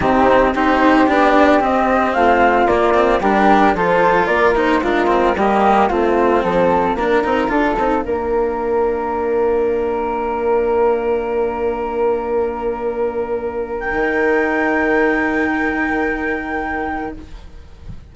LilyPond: <<
  \new Staff \with { instrumentName = "flute" } { \time 4/4 \tempo 4 = 112 g'4 c''4 d''4 dis''4 | f''4 d''4 ais'4 c''4 | d''8 c''8 ais'4 dis''4 f''4~ | f''1~ |
f''1~ | f''1~ | f''4.~ f''16 g''2~ g''16~ | g''1 | }
  \new Staff \with { instrumentName = "flute" } { \time 4/4 dis'4 g'2. | f'2 g'4 a'4 | ais'4 f'4 g'4 f'4 | a'4 ais'4 a'4 ais'4~ |
ais'1~ | ais'1~ | ais'1~ | ais'1 | }
  \new Staff \with { instrumentName = "cello" } { \time 4/4 c'4 dis'4 d'4 c'4~ | c'4 ais8 c'8 d'4 f'4~ | f'8 dis'8 d'8 c'8 ais4 c'4~ | c'4 d'8 dis'8 f'8 dis'8 d'4~ |
d'1~ | d'1~ | d'2 dis'2~ | dis'1 | }
  \new Staff \with { instrumentName = "bassoon" } { \time 4/4 c4 c'4 b4 c'4 | a4 ais4 g4 f4 | ais4 gis4 g4 a4 | f4 ais8 c'8 d'8 c'8 ais4~ |
ais1~ | ais1~ | ais2 dis2~ | dis1 | }
>>